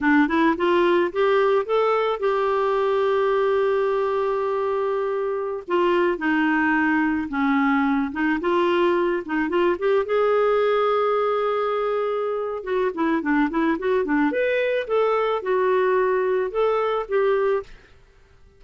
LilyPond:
\new Staff \with { instrumentName = "clarinet" } { \time 4/4 \tempo 4 = 109 d'8 e'8 f'4 g'4 a'4 | g'1~ | g'2~ g'16 f'4 dis'8.~ | dis'4~ dis'16 cis'4. dis'8 f'8.~ |
f'8. dis'8 f'8 g'8 gis'4.~ gis'16~ | gis'2. fis'8 e'8 | d'8 e'8 fis'8 d'8 b'4 a'4 | fis'2 a'4 g'4 | }